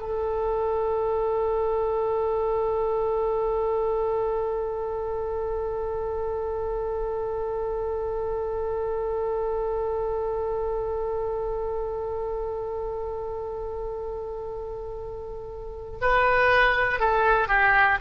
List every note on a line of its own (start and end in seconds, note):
0.00 16.00 A4
16.01 17.00 B4
17.00 17.49 A4
17.49 17.98 G4